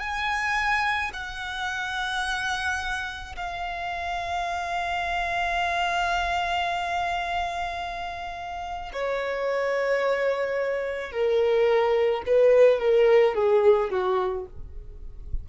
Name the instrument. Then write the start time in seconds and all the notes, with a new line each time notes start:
violin
0.00 G#5
1.13 F#5
3.36 F5
8.93 C#5
11.12 A#4
12.26 B4
12.79 A#4
13.34 G#4
13.90 F#4